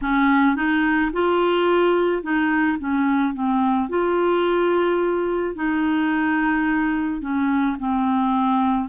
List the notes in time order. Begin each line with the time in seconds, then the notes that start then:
0.02 C#4
0.56 D#4
1.12 F4
2.22 D#4
2.78 C#4
3.33 C4
3.89 F4
5.55 D#4
7.21 C#4
7.79 C4